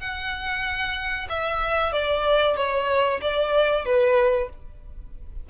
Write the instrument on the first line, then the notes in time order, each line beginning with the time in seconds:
violin
0.00 F#5
1.29 E5
1.92 D5
2.56 C#5
3.21 D5
3.85 B4